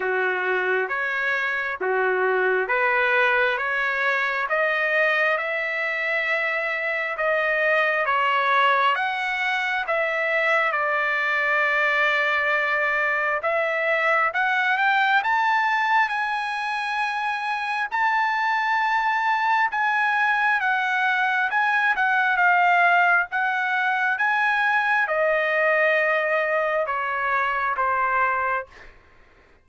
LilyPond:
\new Staff \with { instrumentName = "trumpet" } { \time 4/4 \tempo 4 = 67 fis'4 cis''4 fis'4 b'4 | cis''4 dis''4 e''2 | dis''4 cis''4 fis''4 e''4 | d''2. e''4 |
fis''8 g''8 a''4 gis''2 | a''2 gis''4 fis''4 | gis''8 fis''8 f''4 fis''4 gis''4 | dis''2 cis''4 c''4 | }